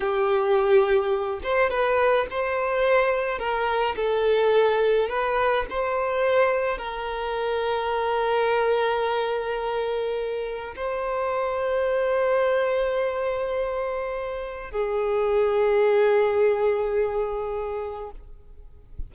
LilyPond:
\new Staff \with { instrumentName = "violin" } { \time 4/4 \tempo 4 = 106 g'2~ g'8 c''8 b'4 | c''2 ais'4 a'4~ | a'4 b'4 c''2 | ais'1~ |
ais'2. c''4~ | c''1~ | c''2 gis'2~ | gis'1 | }